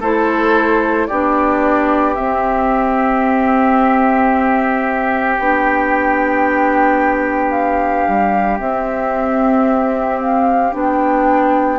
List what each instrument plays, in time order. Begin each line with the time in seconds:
0.00 bassoon A3, clarinet E4, oboe A4, flute C5
1.07 bassoon B3, clarinet D4, oboe G4, flute D5
2.14 clarinet C4, bassoon C4, flute E5
5.37 bassoon B3, clarinet D4, flute G5
7.51 flute F5
8.07 bassoon G3
8.58 clarinet C4, bassoon C4, flute E5
10.20 flute F5
10.71 bassoon B3, clarinet D4
10.78 flute G5